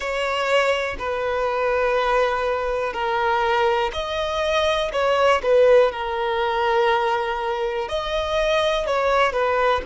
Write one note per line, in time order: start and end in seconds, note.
0.00 0.96 C#5
0.98 2.92 B4
2.92 3.91 A#4
3.93 4.91 D#5
4.92 5.41 C#5
5.42 5.92 B4
5.92 7.88 A#4
7.88 8.86 D#5
8.86 9.32 C#5
9.32 9.81 B4